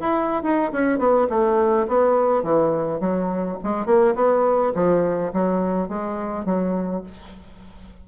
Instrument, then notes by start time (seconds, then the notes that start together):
bassoon
0.00 E4
0.43 D#4
0.72 C#4
0.99 B3
1.29 A3
1.87 B3
2.43 E3
3.00 F#3
3.63 G#3
3.86 A#3
4.15 B3
4.75 F3
5.33 F#3
5.89 G#3
6.45 F#3